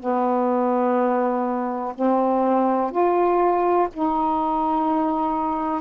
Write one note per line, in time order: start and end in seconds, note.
0.00 1.94 B3
1.95 2.91 C4
2.91 3.88 F4
3.93 5.81 D#4